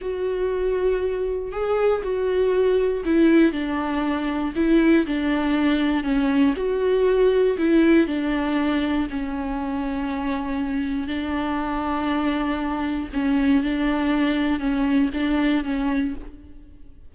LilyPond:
\new Staff \with { instrumentName = "viola" } { \time 4/4 \tempo 4 = 119 fis'2. gis'4 | fis'2 e'4 d'4~ | d'4 e'4 d'2 | cis'4 fis'2 e'4 |
d'2 cis'2~ | cis'2 d'2~ | d'2 cis'4 d'4~ | d'4 cis'4 d'4 cis'4 | }